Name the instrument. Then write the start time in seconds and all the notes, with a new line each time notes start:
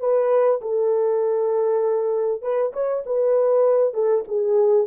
horn
0.00 B4
0.61 A4
2.42 B4
2.73 C#5
3.06 B4
3.94 A4
4.28 G#4